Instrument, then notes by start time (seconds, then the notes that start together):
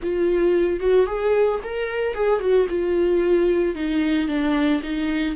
viola
0.02 F4
0.80 F#4
1.06 G#4
1.63 A#4
2.14 G#4
2.40 F#4
2.69 F4
3.75 D#4
4.28 D4
4.82 D#4